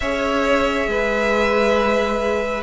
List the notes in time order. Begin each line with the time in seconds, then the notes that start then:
0.00 C#4 G#4 C#5 E5
0.87 G#3 B4